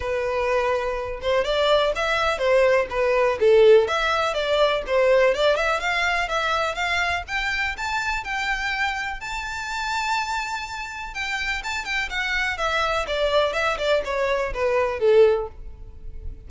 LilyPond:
\new Staff \with { instrumentName = "violin" } { \time 4/4 \tempo 4 = 124 b'2~ b'8 c''8 d''4 | e''4 c''4 b'4 a'4 | e''4 d''4 c''4 d''8 e''8 | f''4 e''4 f''4 g''4 |
a''4 g''2 a''4~ | a''2. g''4 | a''8 g''8 fis''4 e''4 d''4 | e''8 d''8 cis''4 b'4 a'4 | }